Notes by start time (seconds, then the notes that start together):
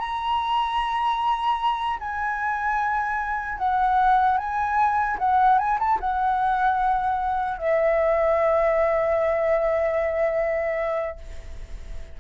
0.00 A#5
2.00 G#5
3.59 F#5
4.38 G#5
5.19 F#5
5.59 G#5
5.80 A5
6.01 F#5
7.59 E5